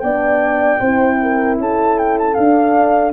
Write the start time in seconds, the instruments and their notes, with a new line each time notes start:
0.00 tuba B3, horn D4 D5, flute G5
0.80 tuba C4, horn E4 C5
1.22 horn A#4
1.59 tuba C#4, horn A4, flute A5
1.99 flute G5
2.19 flute A5
2.34 tuba D4, horn D4, flute F5